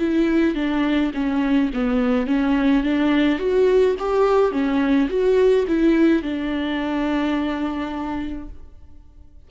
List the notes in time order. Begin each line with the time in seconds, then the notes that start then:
0.00 E4
0.56 D4
1.15 C#4
1.74 B3
2.27 C#4
2.84 D4
3.40 F#4
4.00 G4
4.52 C#4
5.10 F#4
5.68 E4
6.23 D4